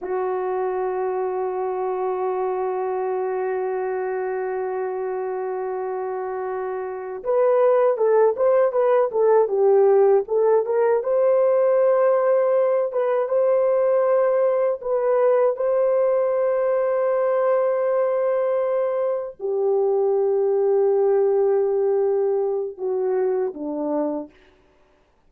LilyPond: \new Staff \with { instrumentName = "horn" } { \time 4/4 \tempo 4 = 79 fis'1~ | fis'1~ | fis'4. b'4 a'8 c''8 b'8 | a'8 g'4 a'8 ais'8 c''4.~ |
c''4 b'8 c''2 b'8~ | b'8 c''2.~ c''8~ | c''4. g'2~ g'8~ | g'2 fis'4 d'4 | }